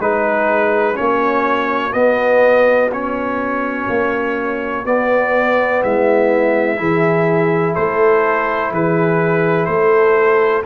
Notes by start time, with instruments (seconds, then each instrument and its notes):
0.00 tuba G#3, trombone D#4, horn G#4, trumpet B4
0.94 tuba A#3, trombone C#4, horn F#4, trumpet C#5
1.93 tuba B3, trombone B3, trumpet D#5
2.92 trombone C#4, trumpet C#5
3.89 tuba A#3
4.84 trombone B3, tuba B3, trumpet D5
5.82 tuba G#3, horn E4, trumpet E5
6.77 tuba E3, trombone E4, horn G#4
7.74 tuba A3, horn A4, trumpet C5
8.71 tuba E3, horn G#4, trumpet B4
9.66 tuba A3, horn A4, trumpet C5